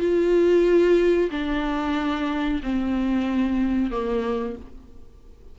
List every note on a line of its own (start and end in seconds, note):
0.00 1.30 F4
1.31 2.62 D4
2.63 3.91 C4
3.91 4.57 A#3